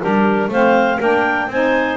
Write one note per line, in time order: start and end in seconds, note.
0.00 0.48 G3
0.00 0.50 D4
0.00 0.50 G4
0.00 0.51 A#4
0.48 0.98 A3
0.48 1.00 C4
0.48 0.98 C5
0.48 1.01 F5
0.98 1.47 A#3
0.98 1.50 D4
0.98 1.47 A#4
0.98 1.51 G5
1.47 1.97 C4
1.47 1.97 D#4
1.47 1.97 C5
1.47 1.97 G#5